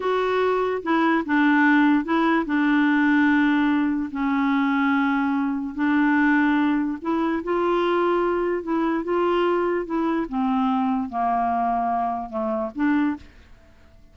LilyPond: \new Staff \with { instrumentName = "clarinet" } { \time 4/4 \tempo 4 = 146 fis'2 e'4 d'4~ | d'4 e'4 d'2~ | d'2 cis'2~ | cis'2 d'2~ |
d'4 e'4 f'2~ | f'4 e'4 f'2 | e'4 c'2 ais4~ | ais2 a4 d'4 | }